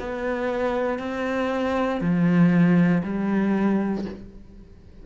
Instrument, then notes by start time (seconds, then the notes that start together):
cello
0.00 B3
0.99 C4
2.01 F3
3.03 G3